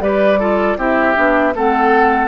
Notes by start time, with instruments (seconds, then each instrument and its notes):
0.00 bassoon G3, clarinet G4, oboe B4, flute D5
0.39 clarinet F4, oboe A4
0.77 bassoon C4, clarinet E4, oboe G4, flute E5
1.15 bassoon B3, clarinet D4
1.54 bassoon A3, clarinet C4, oboe A4, flute F#5